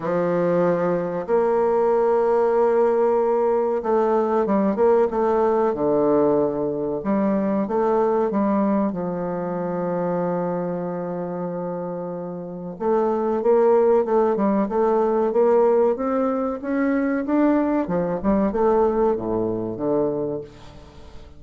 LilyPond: \new Staff \with { instrumentName = "bassoon" } { \time 4/4 \tempo 4 = 94 f2 ais2~ | ais2 a4 g8 ais8 | a4 d2 g4 | a4 g4 f2~ |
f1 | a4 ais4 a8 g8 a4 | ais4 c'4 cis'4 d'4 | f8 g8 a4 a,4 d4 | }